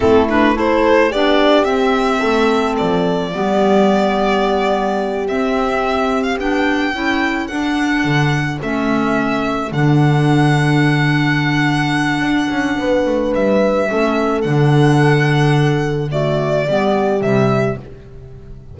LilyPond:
<<
  \new Staff \with { instrumentName = "violin" } { \time 4/4 \tempo 4 = 108 a'8 b'8 c''4 d''4 e''4~ | e''4 d''2.~ | d''4. e''4.~ e''16 f''16 g''8~ | g''4. fis''2 e''8~ |
e''4. fis''2~ fis''8~ | fis''1 | e''2 fis''2~ | fis''4 d''2 e''4 | }
  \new Staff \with { instrumentName = "horn" } { \time 4/4 e'4 a'4 g'2 | a'2 g'2~ | g'1~ | g'8 a'2.~ a'8~ |
a'1~ | a'2. b'4~ | b'4 a'2.~ | a'4 fis'4 g'2 | }
  \new Staff \with { instrumentName = "clarinet" } { \time 4/4 c'8 d'8 e'4 d'4 c'4~ | c'2 b2~ | b4. c'2 d'8~ | d'8 e'4 d'2 cis'8~ |
cis'4. d'2~ d'8~ | d'1~ | d'4 cis'4 d'2~ | d'4 a4 b4 g4 | }
  \new Staff \with { instrumentName = "double bass" } { \time 4/4 a2 b4 c'4 | a4 f4 g2~ | g4. c'2 b8~ | b8 cis'4 d'4 d4 a8~ |
a4. d2~ d8~ | d2 d'8 cis'8 b8 a8 | g4 a4 d2~ | d2 g4 c4 | }
>>